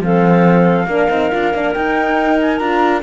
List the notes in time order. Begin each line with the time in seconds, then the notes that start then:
0.00 F3 C4 A4 F5
0.85 A#3 D4 A#4
1.09 C4 D#4
1.31 D4 F4
1.53 A#3 D4
1.73 D#4 G5
2.41 G#5
2.58 D4 F4 A#5